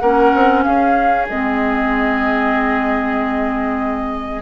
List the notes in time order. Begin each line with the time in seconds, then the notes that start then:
0.00 A#3 C#4 A#4 F#5
0.35 C4
0.63 C#4 G#4 F5
1.29 G#3 C4 D#5